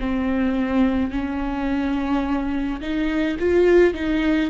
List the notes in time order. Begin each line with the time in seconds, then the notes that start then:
0.00 C4
1.11 C#4
2.81 D#4
3.39 F4
3.94 D#4